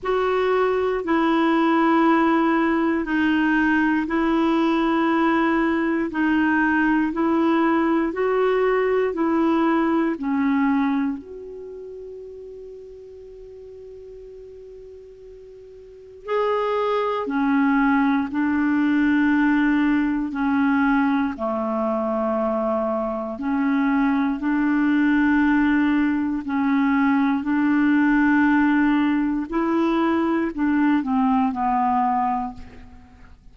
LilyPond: \new Staff \with { instrumentName = "clarinet" } { \time 4/4 \tempo 4 = 59 fis'4 e'2 dis'4 | e'2 dis'4 e'4 | fis'4 e'4 cis'4 fis'4~ | fis'1 |
gis'4 cis'4 d'2 | cis'4 a2 cis'4 | d'2 cis'4 d'4~ | d'4 e'4 d'8 c'8 b4 | }